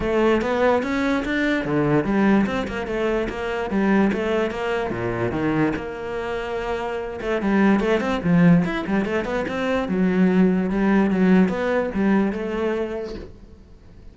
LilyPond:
\new Staff \with { instrumentName = "cello" } { \time 4/4 \tempo 4 = 146 a4 b4 cis'4 d'4 | d4 g4 c'8 ais8 a4 | ais4 g4 a4 ais4 | ais,4 dis4 ais2~ |
ais4. a8 g4 a8 c'8 | f4 e'8 g8 a8 b8 c'4 | fis2 g4 fis4 | b4 g4 a2 | }